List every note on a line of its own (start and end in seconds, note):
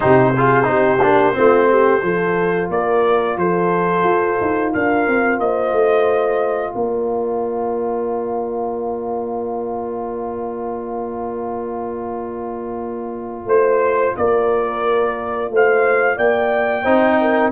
0.00 0.68 C3
0.00 0.33 D#4
0.00 0.35 G4
0.00 2.70 C5
0.35 0.63 F4
0.35 0.69 G#4
0.63 1.02 C4
0.63 0.97 D#4
0.63 1.36 G4
1.02 1.36 A#3
1.02 1.33 D4
1.33 2.02 A3
1.33 2.00 C4
1.33 1.70 F4
1.70 2.03 G4
2.02 2.69 F3
2.02 16.84 F4
2.02 2.71 A4
2.69 3.36 A#3
2.69 3.38 A#4
2.69 3.38 D5
3.36 4.03 F3
3.36 4.73 A4
3.36 4.73 C5
4.03 4.37 F4
4.40 4.74 D#4
4.73 5.07 D4
4.73 5.40 A#4
4.73 5.39 F5
5.07 5.38 C4
5.38 5.72 A#3
5.38 6.73 C5
5.38 6.73 D#5
5.72 6.73 A3
6.73 13.45 A#3
6.73 13.47 A#4
6.73 13.47 D5
13.45 14.13 A3
13.45 14.15 C5
13.45 14.16 C5
14.17 15.50 A#3
14.17 15.52 A#4
14.17 15.51 D5
15.50 16.17 A3
15.50 16.16 C5
15.50 16.18 F5
16.16 16.85 A#3
16.16 16.82 D5
16.16 17.52 G5
16.82 17.52 C4
16.82 17.52 D#4
16.82 17.16 C5
17.20 17.52 A#4